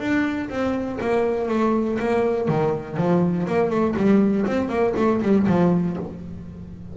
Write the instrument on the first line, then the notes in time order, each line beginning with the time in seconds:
double bass
0.00 D4
0.50 C4
1.01 A#3
1.49 A3
2.00 A#3
2.48 D#3
2.97 F3
3.47 A#3
3.71 A3
3.96 G3
4.46 C4
4.69 A#3
4.97 A3
5.22 G3
5.47 F3